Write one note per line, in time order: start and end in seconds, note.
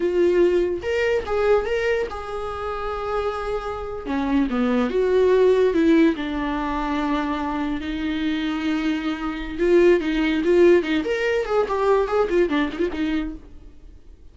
0.00 0.81 F4
0.82 1.24 A#4
1.26 1.65 G#4
1.65 2.07 A#4
2.09 4.05 G#4
4.05 4.47 C#4
4.50 4.90 B3
4.90 5.73 F#4
5.73 6.15 E4
6.16 7.80 D4
7.80 9.57 D#4
9.58 10.00 F4
10.00 10.42 D#4
10.44 10.82 F4
10.82 11.03 D#4
11.04 11.45 A#4
11.45 11.66 G#4
11.68 12.07 G4
12.07 12.28 G#4
12.29 12.49 F4
12.49 12.70 D4
12.72 12.78 D#4
12.78 12.89 F4
12.93 13.34 D#4